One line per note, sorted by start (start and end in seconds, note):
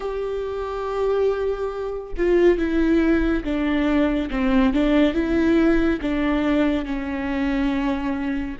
0.00 2.14 G4
2.17 2.58 F4
2.58 3.43 E4
3.44 4.29 D4
4.30 4.73 C4
4.73 5.14 D4
5.14 5.99 E4
6.01 6.85 D4
6.85 8.56 C#4